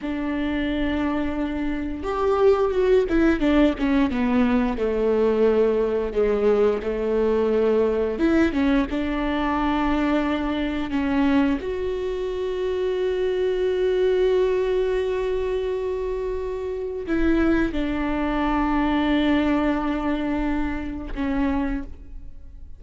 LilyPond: \new Staff \with { instrumentName = "viola" } { \time 4/4 \tempo 4 = 88 d'2. g'4 | fis'8 e'8 d'8 cis'8 b4 a4~ | a4 gis4 a2 | e'8 cis'8 d'2. |
cis'4 fis'2.~ | fis'1~ | fis'4 e'4 d'2~ | d'2. cis'4 | }